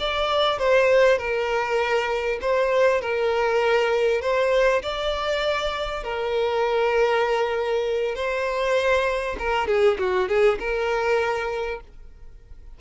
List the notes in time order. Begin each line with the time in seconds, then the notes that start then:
0.00 D5
0.59 C5
1.18 A#4
2.42 C5
3.02 A#4
4.21 C5
4.83 D5
6.04 A#4
8.15 C5
9.39 A#4
9.68 G#4
9.99 F#4
10.29 G#4
10.60 A#4